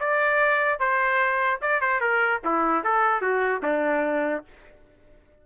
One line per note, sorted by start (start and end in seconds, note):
0.00 0.79 D5
0.79 1.61 C5
1.62 1.81 D5
1.81 2.01 C5
2.01 2.41 A#4
2.45 2.84 E4
2.84 3.21 A4
3.21 3.62 F#4
3.63 4.44 D4